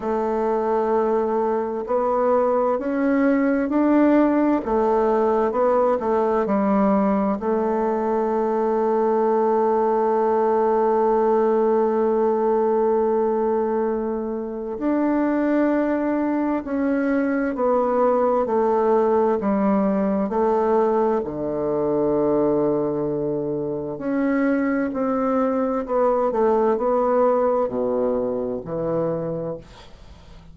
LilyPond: \new Staff \with { instrumentName = "bassoon" } { \time 4/4 \tempo 4 = 65 a2 b4 cis'4 | d'4 a4 b8 a8 g4 | a1~ | a1 |
d'2 cis'4 b4 | a4 g4 a4 d4~ | d2 cis'4 c'4 | b8 a8 b4 b,4 e4 | }